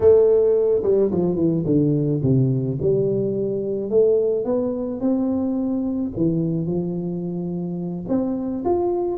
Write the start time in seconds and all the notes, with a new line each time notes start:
0.00 A3
0.83 G3
1.11 F3
1.35 E3
1.65 D3
2.22 C3
2.81 G3
3.90 A3
4.44 B3
5.00 C4
6.16 E3
6.66 F3
8.08 C4
8.64 F4